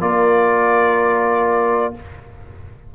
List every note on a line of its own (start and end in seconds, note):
0.00 1.94 A#3
0.00 1.94 F4
0.00 1.95 A#4
0.00 1.94 D5